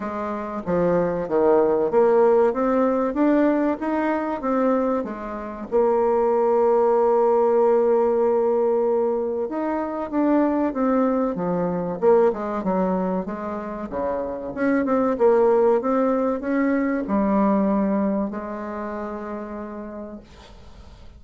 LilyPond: \new Staff \with { instrumentName = "bassoon" } { \time 4/4 \tempo 4 = 95 gis4 f4 dis4 ais4 | c'4 d'4 dis'4 c'4 | gis4 ais2.~ | ais2. dis'4 |
d'4 c'4 f4 ais8 gis8 | fis4 gis4 cis4 cis'8 c'8 | ais4 c'4 cis'4 g4~ | g4 gis2. | }